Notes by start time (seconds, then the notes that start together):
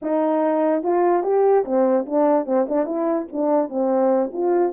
0.02 D#4
0.83 F4
1.23 G4
1.64 C4
2.05 D4
2.46 C4
2.68 D4
2.85 E4
3.32 D4
3.69 C4
4.33 F4